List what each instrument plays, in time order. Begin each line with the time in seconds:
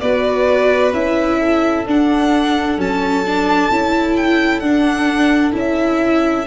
0.00 tuba B3, viola F#4, violin B4 D5
0.93 tuba C#4, viola E4, violin E5
1.39 violin A4
1.86 tuba D4, viola D4, violin F#5
2.77 tuba F#3, viola C#4, violin A5
3.26 viola D4
3.70 tuba C#4, viola E4
4.16 violin G5
4.59 tuba D4, viola D4, violin F#5
5.52 tuba C#4, viola E4
5.58 violin E5